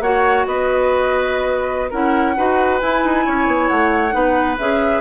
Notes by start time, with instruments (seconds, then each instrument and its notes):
0.00 bassoon A#3, clarinet F#4, oboe C#5, flute F#5
0.47 bassoon B3, oboe B4, flute D#5
1.90 bassoon C#4, clarinet E4, oboe A#4, flute F#5
2.36 bassoon D#4, clarinet F#4, oboe B4
2.79 clarinet E4, bassoon E4, flute G#5
3.04 bassoon D#4
3.26 bassoon C#4, oboe C#5
3.47 bassoon B3
3.68 bassoon A3, flute F#5
4.11 bassoon B3, clarinet D#4, oboe B4
4.59 bassoon C#4, clarinet G#4, flute E5